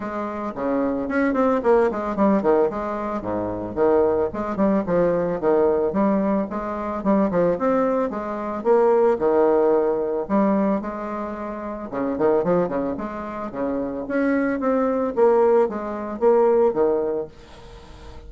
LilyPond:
\new Staff \with { instrumentName = "bassoon" } { \time 4/4 \tempo 4 = 111 gis4 cis4 cis'8 c'8 ais8 gis8 | g8 dis8 gis4 gis,4 dis4 | gis8 g8 f4 dis4 g4 | gis4 g8 f8 c'4 gis4 |
ais4 dis2 g4 | gis2 cis8 dis8 f8 cis8 | gis4 cis4 cis'4 c'4 | ais4 gis4 ais4 dis4 | }